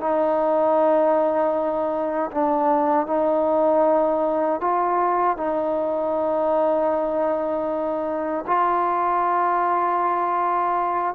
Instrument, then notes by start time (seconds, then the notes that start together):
trombone
0.00 D#4
2.31 D4
3.07 D#4
4.61 F4
5.37 D#4
8.47 F4